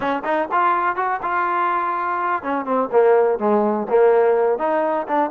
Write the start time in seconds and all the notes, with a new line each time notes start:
0.00 C#4
0.24 D#4
0.51 F4
0.96 F#4
1.22 F4
2.43 C#4
2.65 C4
2.91 A#3
3.38 G#3
3.89 A#3
4.58 D#4
5.07 D4